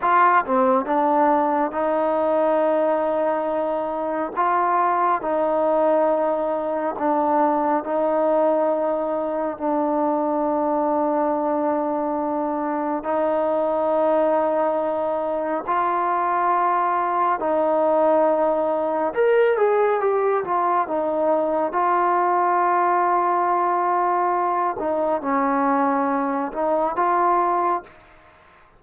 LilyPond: \new Staff \with { instrumentName = "trombone" } { \time 4/4 \tempo 4 = 69 f'8 c'8 d'4 dis'2~ | dis'4 f'4 dis'2 | d'4 dis'2 d'4~ | d'2. dis'4~ |
dis'2 f'2 | dis'2 ais'8 gis'8 g'8 f'8 | dis'4 f'2.~ | f'8 dis'8 cis'4. dis'8 f'4 | }